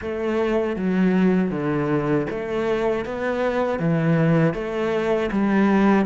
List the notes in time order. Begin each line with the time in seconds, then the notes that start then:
0.01 A3
0.76 F#3
1.50 D3
2.30 A3
3.05 B3
3.79 E3
4.54 A3
5.31 G3